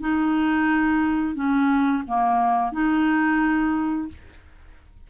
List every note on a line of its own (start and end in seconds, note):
0.00 1.35 D#4
1.35 2.03 C#4
2.07 2.72 A#3
2.72 4.08 D#4